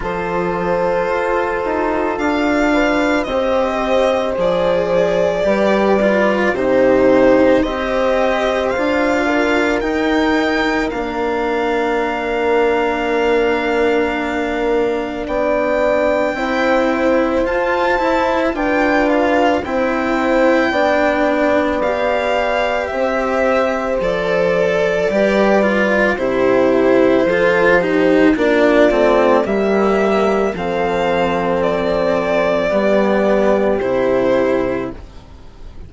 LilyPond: <<
  \new Staff \with { instrumentName = "violin" } { \time 4/4 \tempo 4 = 55 c''2 f''4 dis''4 | d''2 c''4 dis''4 | f''4 g''4 f''2~ | f''2 g''2 |
a''4 g''8 f''8 g''2 | f''4 e''4 d''2 | c''2 d''4 e''4 | f''4 d''2 c''4 | }
  \new Staff \with { instrumentName = "horn" } { \time 4/4 a'2~ a'8 b'8 c''4~ | c''4 b'4 g'4 c''4~ | c''8 ais'2.~ ais'8~ | ais'2 d''4 c''4~ |
c''4 b'4 c''4 d''4~ | d''4 c''2 b'4 | g'4 a'8 g'8 f'4 g'4 | a'2 g'2 | }
  \new Staff \with { instrumentName = "cello" } { \time 4/4 f'2. g'4 | gis'4 g'8 f'8 dis'4 g'4 | f'4 dis'4 d'2~ | d'2. e'4 |
f'8 e'8 f'4 e'4 d'4 | g'2 a'4 g'8 f'8 | e'4 f'8 dis'8 d'8 c'8 ais4 | c'2 b4 e'4 | }
  \new Staff \with { instrumentName = "bassoon" } { \time 4/4 f4 f'8 dis'8 d'4 c'4 | f4 g4 c4 c'4 | d'4 dis'4 ais2~ | ais2 b4 c'4 |
f'8 e'8 d'4 c'4 b4~ | b4 c'4 f4 g4 | c4 f4 ais8 a8 g4 | f2 g4 c4 | }
>>